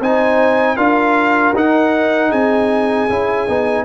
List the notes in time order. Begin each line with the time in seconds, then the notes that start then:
0.00 C4 D#4 C5 G#5
0.77 D4 F4 A#4 F5
1.55 D#4 F#5
2.29 C4 G#4 G#5
3.10 C#4 E4
3.48 B3 D#4